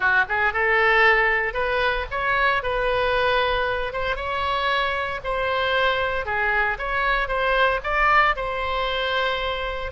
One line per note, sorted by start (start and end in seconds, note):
0.00 0.24 F#4
0.28 0.53 G#4
0.53 1.53 A4
1.53 2.06 B4
2.10 2.62 C#5
2.62 3.92 B4
3.92 4.15 C5
4.15 5.20 C#5
5.24 6.25 C5
6.25 6.77 G#4
6.78 7.28 C#5
7.28 7.80 C5
7.83 8.35 D5
8.36 9.91 C5